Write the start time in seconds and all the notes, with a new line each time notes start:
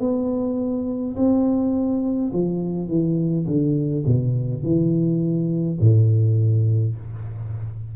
0.00 B3
1.15 C4
2.32 F3
2.88 E3
3.46 D3
4.05 B2
4.63 E3
5.80 A2